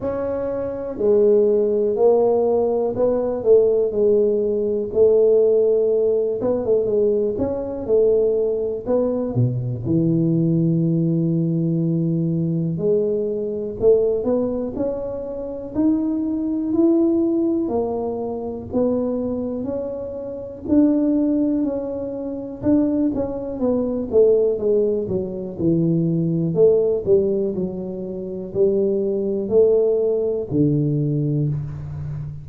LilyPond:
\new Staff \with { instrumentName = "tuba" } { \time 4/4 \tempo 4 = 61 cis'4 gis4 ais4 b8 a8 | gis4 a4. b16 a16 gis8 cis'8 | a4 b8 b,8 e2~ | e4 gis4 a8 b8 cis'4 |
dis'4 e'4 ais4 b4 | cis'4 d'4 cis'4 d'8 cis'8 | b8 a8 gis8 fis8 e4 a8 g8 | fis4 g4 a4 d4 | }